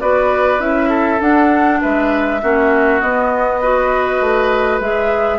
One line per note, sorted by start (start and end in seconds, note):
0.00 0.59 B3
0.00 0.59 F#4
0.00 0.89 B4
0.00 0.60 D5
0.59 1.19 C#4
0.59 1.19 E4
0.59 1.20 E5
0.89 1.79 A4
1.20 2.40 D4
1.20 1.80 D4
1.20 1.81 F#5
1.81 2.43 G#3
1.81 2.41 B4
1.81 3.00 E5
2.42 3.01 A#3
2.42 3.01 C#4
2.42 3.60 F#4
3.00 3.61 B3
3.00 4.20 B3
3.00 4.80 D#5
3.60 4.81 F#4
3.60 5.38 B4
4.20 4.79 A3
4.79 5.38 G#3
4.79 5.38 G#4
4.79 5.38 E5